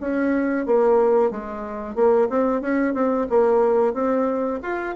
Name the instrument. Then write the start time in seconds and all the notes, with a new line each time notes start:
bassoon
0.00 C#4
0.66 A#3
1.31 G#3
1.95 A#3
2.29 C4
2.61 C#4
2.94 C4
3.29 A#3
3.93 C4
4.62 F4